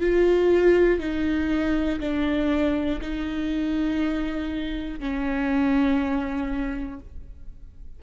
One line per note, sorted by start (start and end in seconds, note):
0.00 1.00 F4
1.00 2.00 D#4
2.00 3.00 D4
3.01 5.00 D#4
5.00 7.00 C#4